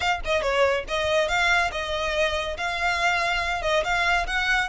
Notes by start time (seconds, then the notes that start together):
0.00 F5
0.25 D#5
0.42 C#5
0.88 D#5
1.28 F5
1.71 D#5
2.57 F5
3.62 D#5
3.84 F5
4.26 F#5